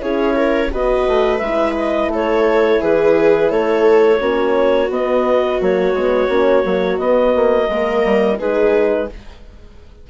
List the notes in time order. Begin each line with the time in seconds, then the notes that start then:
0.00 C#4 E4 G#4 C#5
0.36 A#4
0.71 B3 F#4 B4 D#5
1.07 A3
1.38 G#3 E5
1.44 E4
1.76 D#5
2.07 A3 A4
2.14 C#5
2.81 E3 G#4 B4
3.50 A3 A4 C#5
4.19 A#3 C#4 F#4
4.90 B3 D#5
5.60 F#3 A#3 C#5
5.93 G#3 B3
6.28 A#3 C#4
6.64 F#3 A#3
6.98 B3 D#5
7.35 A#3
7.68 G#3 A#3 A#4
8.04 G3
8.39 G#3 D#4 G#4 B4